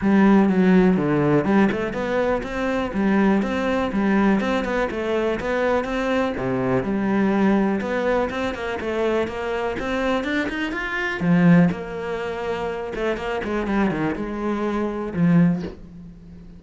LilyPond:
\new Staff \with { instrumentName = "cello" } { \time 4/4 \tempo 4 = 123 g4 fis4 d4 g8 a8 | b4 c'4 g4 c'4 | g4 c'8 b8 a4 b4 | c'4 c4 g2 |
b4 c'8 ais8 a4 ais4 | c'4 d'8 dis'8 f'4 f4 | ais2~ ais8 a8 ais8 gis8 | g8 dis8 gis2 f4 | }